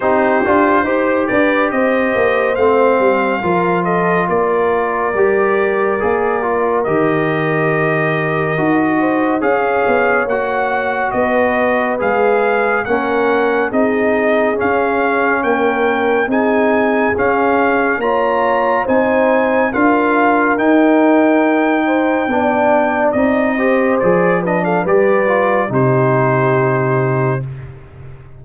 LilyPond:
<<
  \new Staff \with { instrumentName = "trumpet" } { \time 4/4 \tempo 4 = 70 c''4. d''8 dis''4 f''4~ | f''8 dis''8 d''2. | dis''2. f''4 | fis''4 dis''4 f''4 fis''4 |
dis''4 f''4 g''4 gis''4 | f''4 ais''4 gis''4 f''4 | g''2. dis''4 | d''8 dis''16 f''16 d''4 c''2 | }
  \new Staff \with { instrumentName = "horn" } { \time 4/4 g'4 c''8 b'8 c''2 | ais'8 a'8 ais'2.~ | ais'2~ ais'8 c''8 cis''4~ | cis''4 b'2 ais'4 |
gis'2 ais'4 gis'4~ | gis'4 cis''4 c''4 ais'4~ | ais'4. c''8 d''4. c''8~ | c''8 b'16 a'16 b'4 g'2 | }
  \new Staff \with { instrumentName = "trombone" } { \time 4/4 dis'8 f'8 g'2 c'4 | f'2 g'4 gis'8 f'8 | g'2 fis'4 gis'4 | fis'2 gis'4 cis'4 |
dis'4 cis'2 dis'4 | cis'4 f'4 dis'4 f'4 | dis'2 d'4 dis'8 g'8 | gis'8 d'8 g'8 f'8 dis'2 | }
  \new Staff \with { instrumentName = "tuba" } { \time 4/4 c'8 d'8 dis'8 d'8 c'8 ais8 a8 g8 | f4 ais4 g4 ais4 | dis2 dis'4 cis'8 b8 | ais4 b4 gis4 ais4 |
c'4 cis'4 ais4 c'4 | cis'4 ais4 c'4 d'4 | dis'2 b4 c'4 | f4 g4 c2 | }
>>